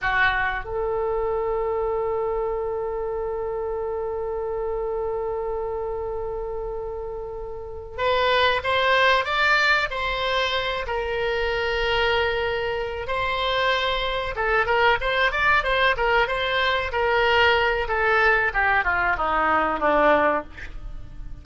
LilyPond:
\new Staff \with { instrumentName = "oboe" } { \time 4/4 \tempo 4 = 94 fis'4 a'2.~ | a'1~ | a'1~ | a'8 b'4 c''4 d''4 c''8~ |
c''4 ais'2.~ | ais'8 c''2 a'8 ais'8 c''8 | d''8 c''8 ais'8 c''4 ais'4. | a'4 g'8 f'8 dis'4 d'4 | }